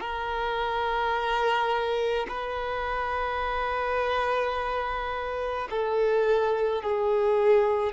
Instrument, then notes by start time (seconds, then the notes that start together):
violin
0.00 A#4
2.28 B4
5.70 A4
6.82 G#4